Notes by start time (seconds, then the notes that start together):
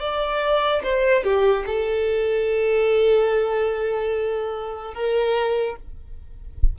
0.00 D5
0.84 C5
1.24 G4
1.66 A4
4.94 A#4